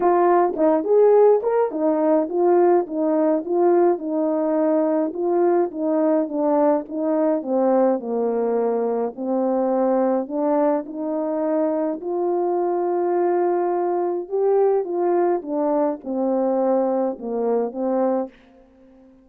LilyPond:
\new Staff \with { instrumentName = "horn" } { \time 4/4 \tempo 4 = 105 f'4 dis'8 gis'4 ais'8 dis'4 | f'4 dis'4 f'4 dis'4~ | dis'4 f'4 dis'4 d'4 | dis'4 c'4 ais2 |
c'2 d'4 dis'4~ | dis'4 f'2.~ | f'4 g'4 f'4 d'4 | c'2 ais4 c'4 | }